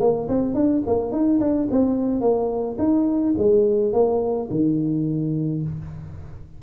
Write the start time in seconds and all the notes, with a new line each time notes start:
0.00 A#3
0.28 C4
0.54 D4
0.86 A#3
1.12 D#4
1.40 D4
1.71 C4
2.21 A#3
2.78 D#4
3.38 G#3
3.93 A#3
4.50 D#3